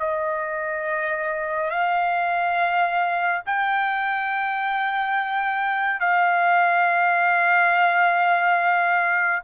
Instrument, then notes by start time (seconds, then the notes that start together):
trumpet
0.00 D#5
1.71 F5
3.46 G5
6.00 F5